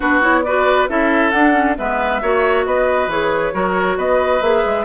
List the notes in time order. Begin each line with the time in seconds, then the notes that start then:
0.00 B3 D4 F#4 B4
0.21 E4 C#5
0.43 F#4 B4 D5
0.88 C#4 E4 A4 E5
1.30 D4 F#5
1.52 C#4
1.77 G#3 B3 B4 E5
2.22 A#3 F#4 C#5
2.65 B3 B4 D#5
3.07 E3 G#4 C#5
3.52 F#3 F#4 A#4
3.97 B3 B4 D#5
4.41 A#3 G#4 E5
4.65 G#3